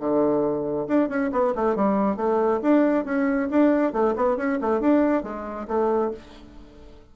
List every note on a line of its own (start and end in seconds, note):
0.00 0.88 D3
0.88 1.09 D4
1.09 1.31 C#4
1.32 1.54 B3
1.55 1.76 A3
1.76 2.17 G3
2.17 2.61 A3
2.62 3.05 D4
3.05 3.49 C#4
3.51 3.93 D4
3.93 4.15 A3
4.16 4.37 B3
4.37 4.59 C#4
4.61 4.81 A3
4.81 5.24 D4
5.24 5.67 G#3
5.68 6.12 A3